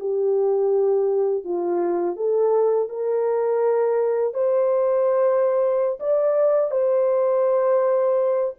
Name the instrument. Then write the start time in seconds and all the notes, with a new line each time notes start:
horn
0.00 G4
1.45 F4
2.17 A4
2.89 A#4
4.34 C5
6.00 D5
6.72 C5